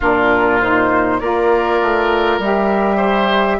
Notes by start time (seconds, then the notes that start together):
0.00 A#2 D4 F4 A#4
0.60 D#4 C5
1.19 A#3 F4 A#4 D5
1.81 A3
2.39 G3 G4 E5
2.96 C5